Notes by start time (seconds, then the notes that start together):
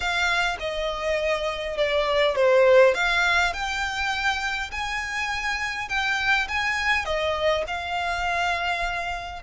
0.00 F5
0.59 D#5
1.77 D5
2.35 C5
2.94 F5
3.53 G5
4.71 G#5
5.88 G5
6.48 G#5
7.05 D#5
7.67 F5